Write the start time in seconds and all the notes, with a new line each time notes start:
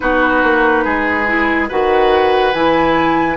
0.00 B3 D#4 F#4 B4
0.43 A#3
0.84 G#3 G#4
1.26 E4
1.68 D#3 F#4 B4 F#5
2.53 E3 E4 G#5